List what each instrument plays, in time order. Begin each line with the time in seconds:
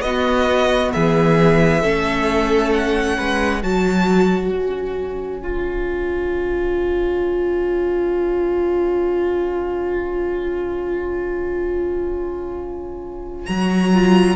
0.00 cello B3, viola B3, violin F#4 D#5
0.93 cello E3, violin G#4 E5
1.81 cello A3, viola C#4, violin A4
2.73 violin F#5
3.17 cello G#3, violin B4
3.62 cello F#3, viola F#4, violin C#5 A5
4.51 cello C#4, violin G#5
5.42 viola F4
13.46 cello F#3, viola F#4, violin A#5
13.94 viola F4